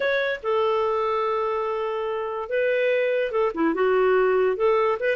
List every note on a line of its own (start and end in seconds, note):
0.00 0.40 C#5
0.43 2.49 A4
2.49 3.31 B4
3.31 3.52 A4
3.54 3.74 E4
3.74 4.56 F#4
4.56 4.97 A4
4.99 5.16 B4